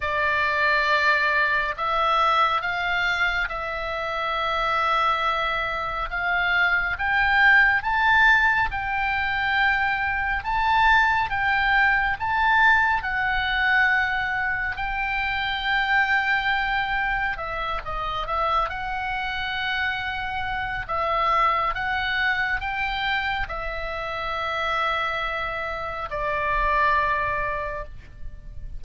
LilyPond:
\new Staff \with { instrumentName = "oboe" } { \time 4/4 \tempo 4 = 69 d''2 e''4 f''4 | e''2. f''4 | g''4 a''4 g''2 | a''4 g''4 a''4 fis''4~ |
fis''4 g''2. | e''8 dis''8 e''8 fis''2~ fis''8 | e''4 fis''4 g''4 e''4~ | e''2 d''2 | }